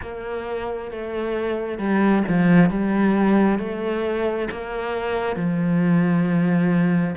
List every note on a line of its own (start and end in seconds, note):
0.01 0.91 A#3
0.91 1.78 A3
1.78 2.23 G3
2.28 2.69 F3
2.69 3.59 G3
3.59 4.48 A3
4.51 5.36 A#3
5.36 7.15 F3